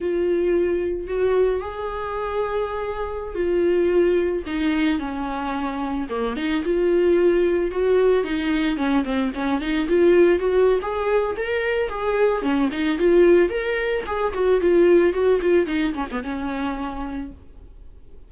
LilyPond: \new Staff \with { instrumentName = "viola" } { \time 4/4 \tempo 4 = 111 f'2 fis'4 gis'4~ | gis'2~ gis'16 f'4.~ f'16~ | f'16 dis'4 cis'2 ais8 dis'16~ | dis'16 f'2 fis'4 dis'8.~ |
dis'16 cis'8 c'8 cis'8 dis'8 f'4 fis'8. | gis'4 ais'4 gis'4 cis'8 dis'8 | f'4 ais'4 gis'8 fis'8 f'4 | fis'8 f'8 dis'8 cis'16 b16 cis'2 | }